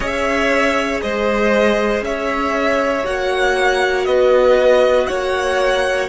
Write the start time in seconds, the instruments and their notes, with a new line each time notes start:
0.00 cello C#4, viola G#4, violin C#5 E5
1.01 cello G#3, violin C5 D#5
2.01 cello C#4, violin C#5 E5
3.04 cello A#3, viola F#4, violin F#5
4.05 cello B3, violin B4 D#5
5.06 cello A#3, violin C#5 F#5